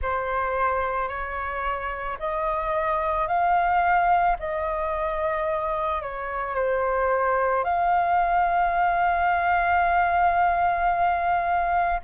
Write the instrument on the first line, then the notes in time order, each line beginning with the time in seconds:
flute
0.01 C5
1.08 C#5
2.19 D#5
3.27 F5
4.39 D#5
6.01 C#5
6.55 C5
7.64 F5